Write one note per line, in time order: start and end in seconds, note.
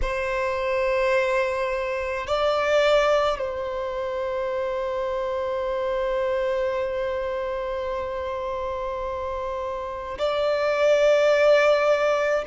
0.01 2.26 C5
2.26 3.38 D5
3.38 10.17 C5
10.18 12.45 D5